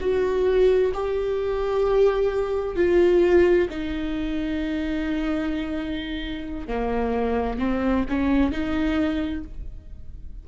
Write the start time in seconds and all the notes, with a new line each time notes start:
0.00 F#4
0.94 G4
2.76 F4
3.70 D#4
6.68 A#3
7.59 C4
8.09 C#4
8.51 D#4